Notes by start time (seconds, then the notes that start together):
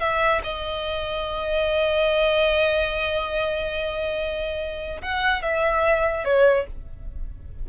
0.00 E5
0.44 D#5
5.02 F#5
5.43 E5
6.25 C#5